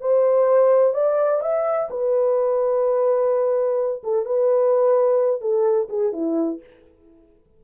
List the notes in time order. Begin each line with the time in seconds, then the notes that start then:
0.00 C5
0.94 D5
1.41 E5
1.90 B4
4.03 A4
4.25 B4
5.41 A4
5.89 G#4
6.12 E4